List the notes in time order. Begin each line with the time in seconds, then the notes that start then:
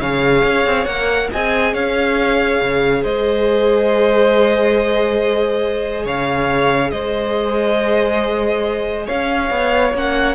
0.00 C#3 G#4 C#5 F5
0.44 C#4
0.66 C4
0.86 A#3 A#4 F#5
1.31 C4 G#4 D#5 G#5
1.73 C#4 C#5 F5
2.61 C#3
3.03 G#3 C5 D#5
6.04 C#3 C#5 F5
6.91 G#3 C5 D#5
9.06 C#4 C#5 F5
9.50 B3
9.94 A#3 C#4 F#5